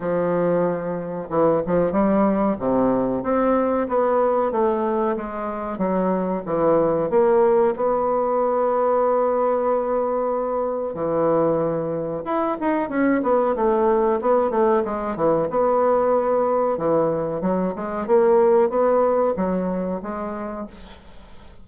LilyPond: \new Staff \with { instrumentName = "bassoon" } { \time 4/4 \tempo 4 = 93 f2 e8 f8 g4 | c4 c'4 b4 a4 | gis4 fis4 e4 ais4 | b1~ |
b4 e2 e'8 dis'8 | cis'8 b8 a4 b8 a8 gis8 e8 | b2 e4 fis8 gis8 | ais4 b4 fis4 gis4 | }